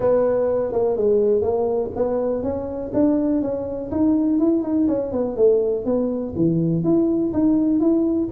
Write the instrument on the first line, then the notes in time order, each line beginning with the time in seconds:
tuba
0.00 B3
0.72 A#3
0.96 G#3
1.41 A#3
1.95 B3
2.42 C#4
2.93 D4
3.41 C#4
3.91 D#4
4.39 E4
4.62 D#4
4.88 C#4
5.12 B3
5.36 A3
5.85 B3
6.35 E3
6.84 E4
7.33 D#4
7.80 E4